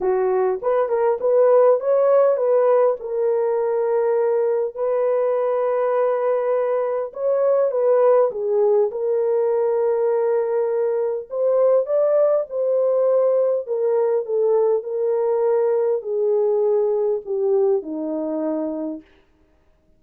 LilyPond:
\new Staff \with { instrumentName = "horn" } { \time 4/4 \tempo 4 = 101 fis'4 b'8 ais'8 b'4 cis''4 | b'4 ais'2. | b'1 | cis''4 b'4 gis'4 ais'4~ |
ais'2. c''4 | d''4 c''2 ais'4 | a'4 ais'2 gis'4~ | gis'4 g'4 dis'2 | }